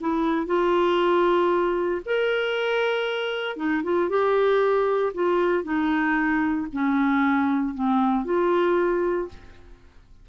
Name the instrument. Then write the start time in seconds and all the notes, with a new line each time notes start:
clarinet
0.00 E4
0.46 F4
2.05 A#4
3.56 D#4
3.83 F4
4.09 G4
5.13 F4
5.63 D#4
6.72 C#4
7.74 C4
8.25 F4